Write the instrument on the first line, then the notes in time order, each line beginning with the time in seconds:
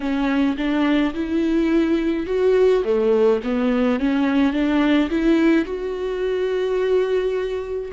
viola
0.00 C#4
0.57 D4
1.13 E4
2.26 F#4
2.84 A3
3.43 B3
3.99 C#4
4.53 D4
5.09 E4
5.64 F#4